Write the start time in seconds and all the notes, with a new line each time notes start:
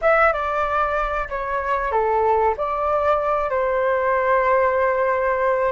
0.01 E5
0.32 D5
1.29 C#5
1.91 A4
2.57 D5
3.50 C5